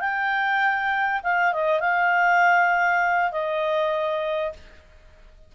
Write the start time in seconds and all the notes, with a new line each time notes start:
0.00 G5
1.23 F5
1.53 D#5
1.80 F5
3.32 D#5